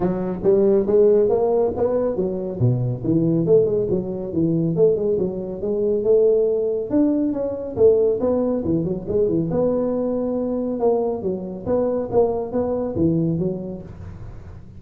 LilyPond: \new Staff \with { instrumentName = "tuba" } { \time 4/4 \tempo 4 = 139 fis4 g4 gis4 ais4 | b4 fis4 b,4 e4 | a8 gis8 fis4 e4 a8 gis8 | fis4 gis4 a2 |
d'4 cis'4 a4 b4 | e8 fis8 gis8 e8 b2~ | b4 ais4 fis4 b4 | ais4 b4 e4 fis4 | }